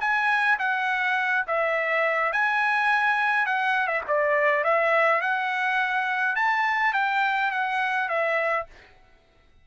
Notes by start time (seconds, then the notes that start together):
0.00 G#5
0.59 F#5
1.47 E5
2.32 G#5
3.46 F#5
3.87 E5
4.08 D5
4.64 E5
5.21 F#5
6.36 A5
6.93 G5
7.51 F#5
8.09 E5